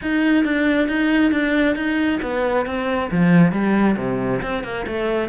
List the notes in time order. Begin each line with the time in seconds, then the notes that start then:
0.02 D#4
0.44 D4
0.87 D#4
1.31 D4
1.75 D#4
2.21 B3
2.66 C4
3.11 F3
3.52 G3
3.97 C3
4.41 C4
4.63 A#3
4.86 A3